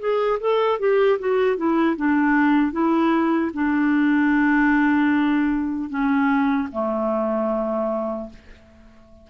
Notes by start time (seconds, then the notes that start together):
0.00 G#4
0.40 A4
0.80 G4
1.19 F#4
1.57 E4
1.97 D4
2.72 E4
3.54 D4
5.90 C#4
6.72 A3